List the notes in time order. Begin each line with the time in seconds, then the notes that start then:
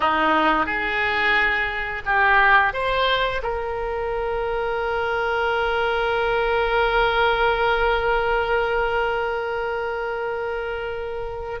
0.00 D#4
0.66 G#4
2.05 G4
2.73 C5
3.42 A#4